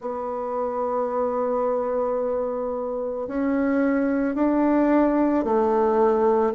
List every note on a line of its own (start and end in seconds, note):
0.00 3.27 B3
3.27 4.35 C#4
4.35 5.44 D4
5.44 6.53 A3